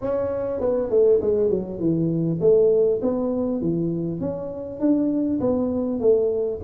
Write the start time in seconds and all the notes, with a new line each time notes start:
0.01 C#4
0.60 B3
0.89 A3
1.21 G#3
1.50 F#3
1.79 E3
2.40 A3
3.02 B3
3.61 E3
4.20 C#4
4.80 D4
5.40 B3
6.00 A3